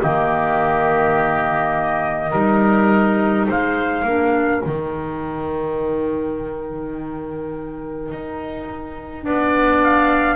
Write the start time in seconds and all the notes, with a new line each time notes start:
0.00 D#3 A#3 G4 D#5
2.31 G3 D#4 A#4
3.48 G#3 C5 F5
4.03 A#3 D4 A#4
4.62 D#3 D#4 G5
8.11 D#4
9.22 B3 D4 D5
9.83 F5